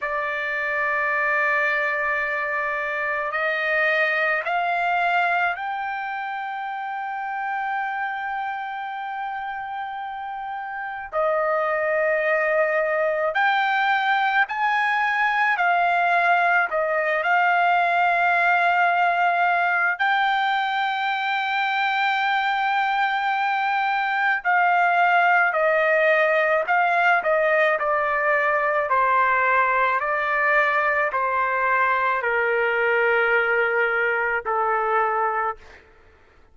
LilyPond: \new Staff \with { instrumentName = "trumpet" } { \time 4/4 \tempo 4 = 54 d''2. dis''4 | f''4 g''2.~ | g''2 dis''2 | g''4 gis''4 f''4 dis''8 f''8~ |
f''2 g''2~ | g''2 f''4 dis''4 | f''8 dis''8 d''4 c''4 d''4 | c''4 ais'2 a'4 | }